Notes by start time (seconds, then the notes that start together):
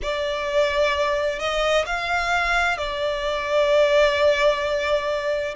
0.02 D5
1.38 D#5
1.86 F5
2.77 D5